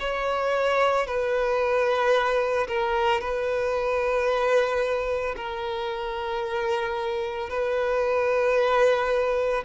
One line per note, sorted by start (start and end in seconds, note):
0.00 1.07 C#5
1.07 2.68 B4
2.68 3.21 A#4
3.21 5.36 B4
5.37 7.50 A#4
7.50 9.64 B4